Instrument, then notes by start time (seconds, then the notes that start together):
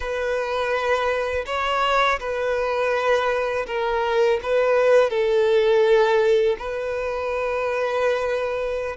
violin
0.00 B4
1.46 C#5
2.19 B4
3.67 A#4
4.42 B4
5.10 A4
6.58 B4